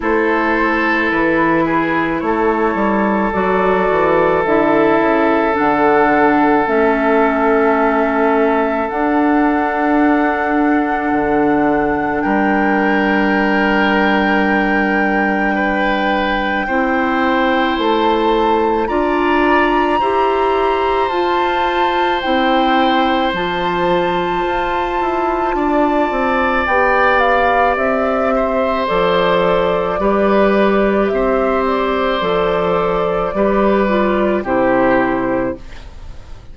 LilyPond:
<<
  \new Staff \with { instrumentName = "flute" } { \time 4/4 \tempo 4 = 54 c''4 b'4 cis''4 d''4 | e''4 fis''4 e''2 | fis''2. g''4~ | g''1 |
a''4 ais''2 a''4 | g''4 a''2. | g''8 f''8 e''4 d''2 | e''8 d''2~ d''8 c''4 | }
  \new Staff \with { instrumentName = "oboe" } { \time 4/4 a'4. gis'8 a'2~ | a'1~ | a'2. ais'4~ | ais'2 b'4 c''4~ |
c''4 d''4 c''2~ | c''2. d''4~ | d''4. c''4. b'4 | c''2 b'4 g'4 | }
  \new Staff \with { instrumentName = "clarinet" } { \time 4/4 e'2. fis'4 | e'4 d'4 cis'2 | d'1~ | d'2. e'4~ |
e'4 f'4 g'4 f'4 | e'4 f'2. | g'2 a'4 g'4~ | g'4 a'4 g'8 f'8 e'4 | }
  \new Staff \with { instrumentName = "bassoon" } { \time 4/4 a4 e4 a8 g8 fis8 e8 | d8 cis8 d4 a2 | d'2 d4 g4~ | g2. c'4 |
a4 d'4 e'4 f'4 | c'4 f4 f'8 e'8 d'8 c'8 | b4 c'4 f4 g4 | c'4 f4 g4 c4 | }
>>